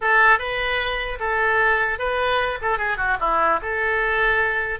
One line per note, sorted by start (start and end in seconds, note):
0.01 0.38 A4
0.38 1.18 B4
1.19 1.98 A4
1.98 2.58 B4
2.61 2.78 A4
2.78 2.97 G#4
2.97 3.17 F#4
3.20 3.60 E4
3.62 4.79 A4